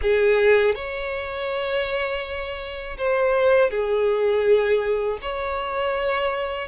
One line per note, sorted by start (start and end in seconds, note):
0.01 0.74 G#4
0.74 2.97 C#5
2.97 3.70 C5
3.70 5.18 G#4
5.21 6.67 C#5